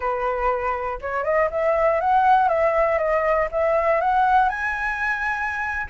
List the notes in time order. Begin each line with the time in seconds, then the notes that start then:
0.00 B4
1.01 C#5
1.24 D#5
1.50 E5
2.00 F#5
2.48 E5
2.98 D#5
3.51 E5
4.00 F#5
4.49 G#5